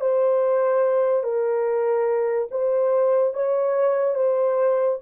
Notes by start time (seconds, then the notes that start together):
0.00 C5
1.23 A#4
2.51 C5
3.33 C#5
4.14 C5